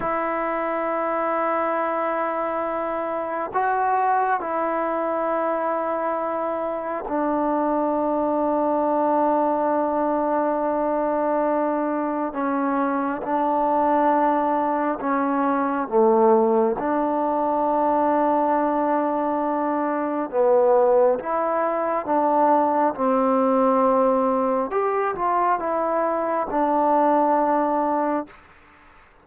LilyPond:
\new Staff \with { instrumentName = "trombone" } { \time 4/4 \tempo 4 = 68 e'1 | fis'4 e'2. | d'1~ | d'2 cis'4 d'4~ |
d'4 cis'4 a4 d'4~ | d'2. b4 | e'4 d'4 c'2 | g'8 f'8 e'4 d'2 | }